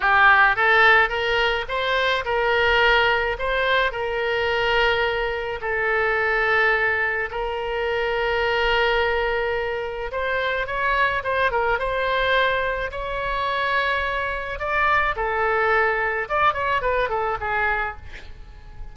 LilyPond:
\new Staff \with { instrumentName = "oboe" } { \time 4/4 \tempo 4 = 107 g'4 a'4 ais'4 c''4 | ais'2 c''4 ais'4~ | ais'2 a'2~ | a'4 ais'2.~ |
ais'2 c''4 cis''4 | c''8 ais'8 c''2 cis''4~ | cis''2 d''4 a'4~ | a'4 d''8 cis''8 b'8 a'8 gis'4 | }